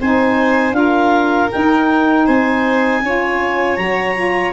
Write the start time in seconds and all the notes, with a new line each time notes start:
0.00 C4 D#4 C5 G#5
0.72 D4 F4 A#4 F5
1.51 D#4 G5
2.25 C4 C5 G#5
3.02 C#4 F4 C#5
3.76 F#3 F#4 A#5
4.15 F4